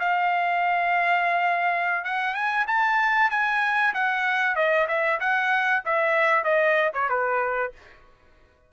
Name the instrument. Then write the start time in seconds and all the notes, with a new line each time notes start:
trumpet
0.00 F5
2.05 F#5
2.35 G#5
2.68 A5
3.31 G#5
3.94 F#5
4.56 D#5
4.88 E5
5.20 F#5
5.85 E5
6.44 D#5
6.94 C#5
7.09 B4